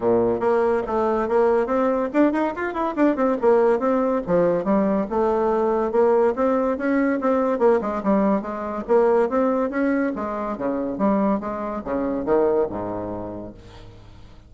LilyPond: \new Staff \with { instrumentName = "bassoon" } { \time 4/4 \tempo 4 = 142 ais,4 ais4 a4 ais4 | c'4 d'8 dis'8 f'8 e'8 d'8 c'8 | ais4 c'4 f4 g4 | a2 ais4 c'4 |
cis'4 c'4 ais8 gis8 g4 | gis4 ais4 c'4 cis'4 | gis4 cis4 g4 gis4 | cis4 dis4 gis,2 | }